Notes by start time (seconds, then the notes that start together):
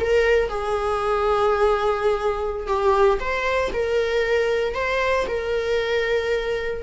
0.00 A#4
0.49 G#4
2.67 G4
3.20 C5
3.73 A#4
4.75 C5
5.28 A#4